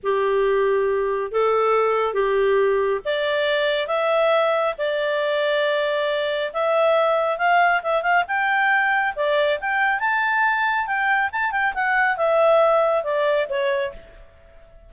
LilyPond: \new Staff \with { instrumentName = "clarinet" } { \time 4/4 \tempo 4 = 138 g'2. a'4~ | a'4 g'2 d''4~ | d''4 e''2 d''4~ | d''2. e''4~ |
e''4 f''4 e''8 f''8 g''4~ | g''4 d''4 g''4 a''4~ | a''4 g''4 a''8 g''8 fis''4 | e''2 d''4 cis''4 | }